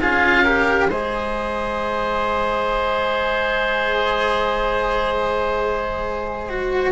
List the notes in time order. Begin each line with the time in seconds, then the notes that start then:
0.00 C#4 F4 G#4 F5
0.43 G4 A#4
0.89 G#3 G#4 C5 D#5
6.49 F#4